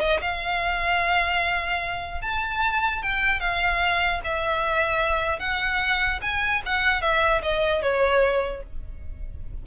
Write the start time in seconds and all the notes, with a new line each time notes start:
0.00 D#5
0.21 F5
2.21 A5
3.02 G5
3.40 F5
4.24 E5
5.39 F#5
6.21 G#5
6.65 F#5
7.01 E5
7.42 D#5
7.82 C#5